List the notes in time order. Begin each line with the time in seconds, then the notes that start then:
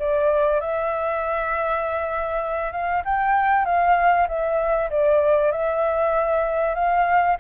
0.00 D5
0.61 E5
2.72 F5
3.05 G5
3.66 F5
4.28 E5
4.91 D5
5.52 E5
6.75 F5